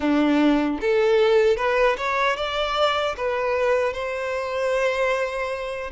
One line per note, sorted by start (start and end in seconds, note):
0.00 0.79 D4
0.80 1.56 A4
1.56 1.96 B4
1.97 2.36 C#5
2.36 3.15 D5
3.17 3.93 B4
3.93 5.90 C5